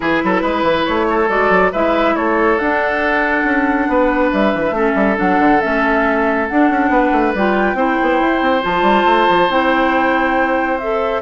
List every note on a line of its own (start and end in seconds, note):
0.00 0.22 E3
0.00 1.27 E4
0.00 0.22 G#4
0.00 0.85 B4
0.23 0.42 F#3
0.23 0.41 A4
0.41 0.62 G#3
0.41 1.06 B4
0.62 0.84 E3
0.85 1.29 A3
0.85 1.28 C#5
1.09 1.72 A4
1.28 1.49 G#3
1.28 1.71 F#4
1.28 1.71 D5
1.49 1.71 F#3
1.72 2.15 G#3
1.72 2.59 E4
1.72 2.15 B4
1.72 2.15 E5
2.15 2.58 A3
2.15 3.88 A4
2.15 2.58 C#5
2.58 4.75 D4
2.58 3.44 D4
2.58 4.31 F#5
3.44 3.87 C#4
3.87 4.31 B3
3.87 4.75 B4
4.31 4.53 G3
4.31 5.17 E5
4.53 4.70 E3
4.70 4.92 A3
4.70 5.15 C#4
4.70 6.91 A4
4.95 5.16 G3
5.15 5.39 F#3
5.15 5.58 D4
5.15 5.61 F#5
5.39 5.60 D3
5.61 6.50 A3
5.61 6.48 C#4
5.61 6.47 E5
6.47 7.36 D4
6.47 6.69 D4
6.47 7.34 F#5
6.69 6.89 C#4
6.89 7.10 B3
6.89 7.77 B4
7.12 7.33 A3
7.34 7.74 G3
7.34 7.76 F4
7.34 8.64 G5
7.74 7.96 C4
7.74 8.61 E4
7.74 11.22 C5
8.02 8.20 B3
8.20 8.41 E4
8.41 8.62 C4
8.61 8.82 F3
8.61 9.48 F4
8.61 9.51 A5
8.82 9.03 G3
9.05 9.27 A3
9.29 9.49 F3
9.49 11.21 C4
9.49 10.79 E4
9.49 10.78 G5
10.78 11.22 A4
10.78 11.21 E5